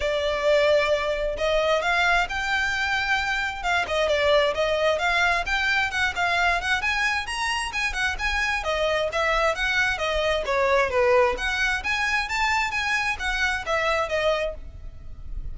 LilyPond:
\new Staff \with { instrumentName = "violin" } { \time 4/4 \tempo 4 = 132 d''2. dis''4 | f''4 g''2. | f''8 dis''8 d''4 dis''4 f''4 | g''4 fis''8 f''4 fis''8 gis''4 |
ais''4 gis''8 fis''8 gis''4 dis''4 | e''4 fis''4 dis''4 cis''4 | b'4 fis''4 gis''4 a''4 | gis''4 fis''4 e''4 dis''4 | }